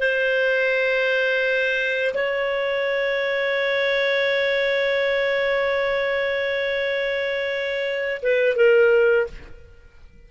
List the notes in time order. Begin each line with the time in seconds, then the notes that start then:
0.00 C5
2.15 C#5
8.23 B4
8.56 A#4